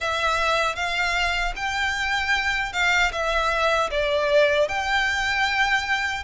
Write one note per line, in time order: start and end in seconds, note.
0.00 0.75 E5
0.75 1.53 F5
1.56 2.72 G5
2.72 3.11 F5
3.12 3.90 E5
3.91 4.68 D5
4.68 6.23 G5